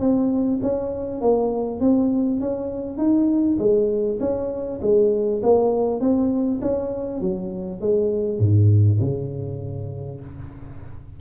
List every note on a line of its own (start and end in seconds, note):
0.00 0.60 C4
0.62 1.21 C#4
1.21 1.80 A#3
1.80 2.40 C4
2.40 2.98 C#4
2.98 3.58 D#4
3.59 4.19 G#3
4.20 4.80 C#4
4.82 5.42 G#3
5.42 6.00 A#3
6.00 6.60 C4
6.61 7.21 C#4
7.21 7.81 F#3
7.81 8.39 G#3
8.39 8.99 G#2
9.00 10.20 C#3